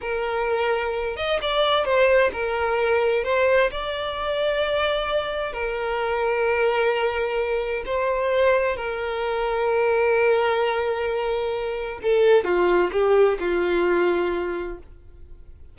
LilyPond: \new Staff \with { instrumentName = "violin" } { \time 4/4 \tempo 4 = 130 ais'2~ ais'8 dis''8 d''4 | c''4 ais'2 c''4 | d''1 | ais'1~ |
ais'4 c''2 ais'4~ | ais'1~ | ais'2 a'4 f'4 | g'4 f'2. | }